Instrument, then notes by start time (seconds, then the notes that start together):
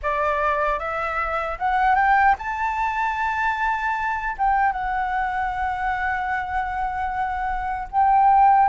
flute
0.02 D5
0.79 E5
1.58 F#5
1.95 G5
2.38 A5
4.38 G5
4.72 F#5
7.91 G5